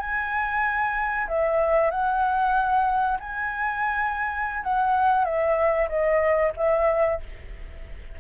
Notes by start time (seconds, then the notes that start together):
0.00 G#5
1.28 E5
1.91 F#5
3.20 G#5
4.64 F#5
5.25 E5
5.89 D#5
6.57 E5